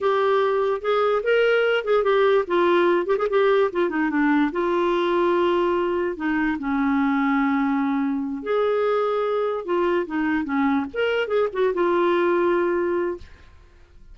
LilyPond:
\new Staff \with { instrumentName = "clarinet" } { \time 4/4 \tempo 4 = 146 g'2 gis'4 ais'4~ | ais'8 gis'8 g'4 f'4. g'16 gis'16 | g'4 f'8 dis'8 d'4 f'4~ | f'2. dis'4 |
cis'1~ | cis'8 gis'2. f'8~ | f'8 dis'4 cis'4 ais'4 gis'8 | fis'8 f'2.~ f'8 | }